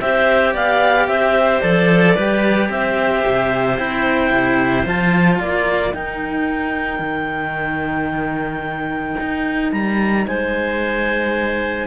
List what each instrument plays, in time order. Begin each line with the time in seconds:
0.00 cello C4 G4, clarinet C5 E5
0.53 cello B3, clarinet D5 F5
1.07 cello C4, clarinet C5 E5
1.61 cello F3 A4, clarinet D5
2.15 cello G3 G4, clarinet B4
2.69 cello C4, clarinet C5 E5
3.27 cello C3
3.77 cello C4 E4, clarinet G5
4.31 cello C3
4.85 cello F3 F4, clarinet A5
5.39 cello A#3, clarinet A#4 D5
5.91 cello D#4, clarinet G5
6.99 cello D#3
9.20 cello D#4
9.72 cello G3, clarinet A#5
10.26 cello G#3, clarinet C5 G#5